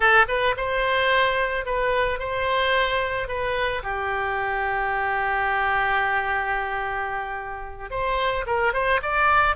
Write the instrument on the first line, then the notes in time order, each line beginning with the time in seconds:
oboe
0.00 A4
0.28 B4
0.56 C5
1.65 B4
2.19 C5
3.28 B4
3.83 G4
7.90 C5
8.46 A#4
8.73 C5
9.02 D5